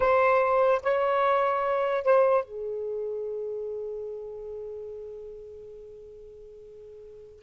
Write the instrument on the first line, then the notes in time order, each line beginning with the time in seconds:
saxophone
0.00 C5
0.82 C#5
2.04 C5
2.44 G#4